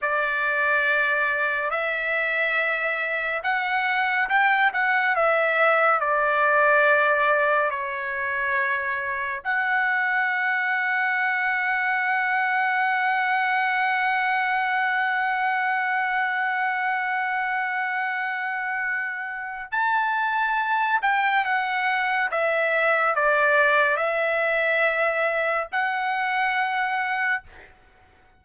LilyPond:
\new Staff \with { instrumentName = "trumpet" } { \time 4/4 \tempo 4 = 70 d''2 e''2 | fis''4 g''8 fis''8 e''4 d''4~ | d''4 cis''2 fis''4~ | fis''1~ |
fis''1~ | fis''2. a''4~ | a''8 g''8 fis''4 e''4 d''4 | e''2 fis''2 | }